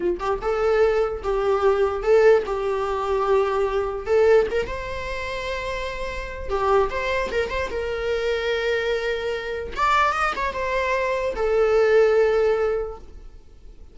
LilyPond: \new Staff \with { instrumentName = "viola" } { \time 4/4 \tempo 4 = 148 f'8 g'8 a'2 g'4~ | g'4 a'4 g'2~ | g'2 a'4 ais'8 c''8~ | c''1 |
g'4 c''4 ais'8 c''8 ais'4~ | ais'1 | d''4 dis''8 cis''8 c''2 | a'1 | }